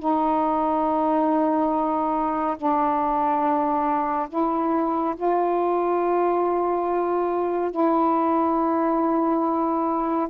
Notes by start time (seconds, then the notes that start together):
0.00 D#4
2.58 D4
4.30 E4
5.17 F4
7.72 E4